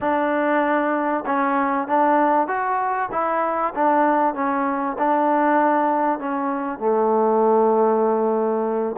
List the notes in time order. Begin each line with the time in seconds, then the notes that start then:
0.00 D4
1.25 C#4
1.87 D4
2.47 F#4
3.11 E4
3.74 D4
4.34 C#4
4.98 D4
6.19 C#4
6.79 A3